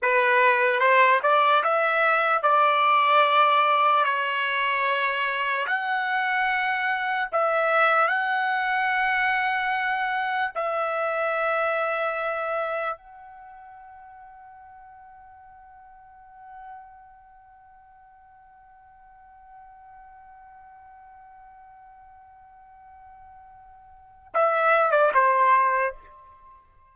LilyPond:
\new Staff \with { instrumentName = "trumpet" } { \time 4/4 \tempo 4 = 74 b'4 c''8 d''8 e''4 d''4~ | d''4 cis''2 fis''4~ | fis''4 e''4 fis''2~ | fis''4 e''2. |
fis''1~ | fis''1~ | fis''1~ | fis''2 e''8. d''16 c''4 | }